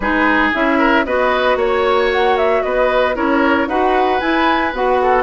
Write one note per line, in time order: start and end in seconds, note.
0.00 0.51 G#3
0.00 0.53 D#4
0.00 0.78 G#4
0.00 0.50 B4
0.53 1.05 C#4
0.53 1.05 E4
0.53 1.05 E5
0.78 1.04 A#4
1.05 1.56 B3
1.05 3.14 F#4
1.05 1.57 B4
1.05 1.57 D#5
1.56 2.61 A#3
1.56 2.62 C#5
1.56 2.11 C#5
2.11 2.37 F#5
2.37 2.62 E5
2.62 3.16 B3
2.62 3.15 B4
2.62 3.15 D#5
3.14 3.67 C#4
3.14 3.67 E4
3.14 3.68 A#4
3.14 3.68 C#5
3.67 4.20 D#4
3.67 4.20 F#4
3.67 5.00 B4
3.67 4.20 F#5
4.20 4.73 E4
4.20 4.72 G#5
4.73 5.23 B3
4.73 5.23 F#4
4.73 5.23 F#5
5.01 5.23 A4